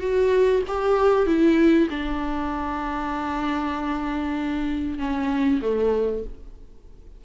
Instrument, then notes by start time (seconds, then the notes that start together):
viola
0.00 F#4
0.67 G4
1.27 E4
1.90 D4
4.98 C#4
5.61 A3